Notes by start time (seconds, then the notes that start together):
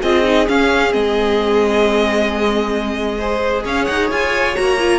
0.00 C4 F4 G#4 D#5
0.23 D#4
0.48 C#4 F5
0.90 G#3 C4 D#5
3.17 G#4 C5
3.64 C#4 C#5 F5
3.85 D#4 F#5
4.10 F4 G#5
4.54 A#3 F#4 A#5
4.79 F4